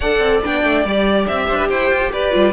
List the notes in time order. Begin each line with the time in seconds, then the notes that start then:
0.00 D4 A4 D5 F#5
0.19 C4
0.43 B3 D4 G5
0.64 A3
0.84 G3 G4 D5
1.27 C4 E5
1.47 D4 C5
1.57 B4
1.69 E4 C5 G5
1.90 F4
2.12 G4 B4 D5
2.30 G3 F4